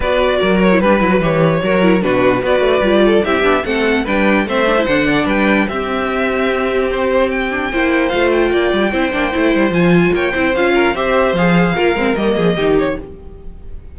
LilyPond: <<
  \new Staff \with { instrumentName = "violin" } { \time 4/4 \tempo 4 = 148 d''4. cis''8 b'4 cis''4~ | cis''4 b'4 d''2 | e''4 fis''4 g''4 e''4 | fis''4 g''4 e''2~ |
e''4 c''4 g''2 | f''8 g''2.~ g''8 | gis''4 g''4 f''4 e''4 | f''2 dis''4. cis''8 | }
  \new Staff \with { instrumentName = "violin" } { \time 4/4 b'4 ais'4 b'2 | ais'4 fis'4 b'4. a'8 | g'4 a'4 b'4 c''4~ | c''8 d''8 b'4 g'2~ |
g'2. c''4~ | c''4 d''4 c''2~ | c''4 cis''8 c''4 ais'8 c''4~ | c''4 ais'4. gis'8 g'4 | }
  \new Staff \with { instrumentName = "viola" } { \time 4/4 fis'4.~ fis'16 e'16 d'8 e'16 fis'16 g'4 | fis'8 e'8 d'4 fis'4 f'4 | e'8 d'8 c'4 d'4 c'8 d'16 e'16 | d'2 c'2~ |
c'2~ c'8 d'8 e'4 | f'2 e'8 d'8 e'4 | f'4. e'8 f'4 g'4 | gis'4 f'8 c'8 ais4 dis'4 | }
  \new Staff \with { instrumentName = "cello" } { \time 4/4 b4 fis4 g8 fis8 e4 | fis4 b,4 b8 a8 g4 | c'8 b8 a4 g4 a4 | d4 g4 c'2~ |
c'2. ais4 | a4 ais8 g8 c'8 ais8 a8 g8 | f4 ais8 c'8 cis'4 c'4 | f4 ais8 gis8 g8 f8 dis4 | }
>>